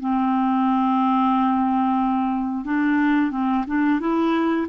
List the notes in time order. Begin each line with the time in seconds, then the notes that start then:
0.00 C4
2.65 D4
3.32 C4
3.67 D4
4.00 E4